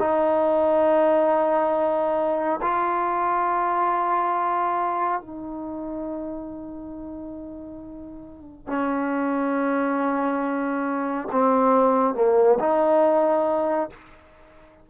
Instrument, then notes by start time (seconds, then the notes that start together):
trombone
0.00 D#4
2.62 F4
5.22 D#4
8.68 C#4
11.32 C4
12.15 A#3
12.60 D#4